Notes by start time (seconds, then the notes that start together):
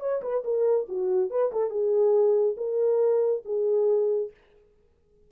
0.00 C#5
0.22 B4
0.44 A#4
0.88 F#4
1.30 B4
1.52 A4
1.70 G#4
2.57 A#4
3.45 G#4